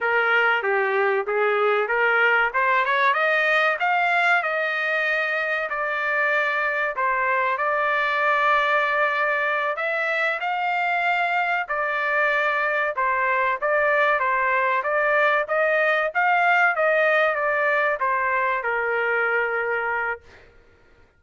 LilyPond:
\new Staff \with { instrumentName = "trumpet" } { \time 4/4 \tempo 4 = 95 ais'4 g'4 gis'4 ais'4 | c''8 cis''8 dis''4 f''4 dis''4~ | dis''4 d''2 c''4 | d''2.~ d''8 e''8~ |
e''8 f''2 d''4.~ | d''8 c''4 d''4 c''4 d''8~ | d''8 dis''4 f''4 dis''4 d''8~ | d''8 c''4 ais'2~ ais'8 | }